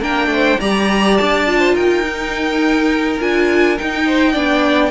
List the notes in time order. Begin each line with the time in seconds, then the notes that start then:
0.00 A#3 D4 A#4 G5
0.27 A3 C5
0.60 G3 G4 D5 A#5
1.17 D4 A5
1.47 F4
1.59 C5
1.73 D#4 A#4 G5
2.03 D#4
3.20 D4 F4 G#5
3.78 D#4 G5
4.06 C5
4.32 B3 D4 D5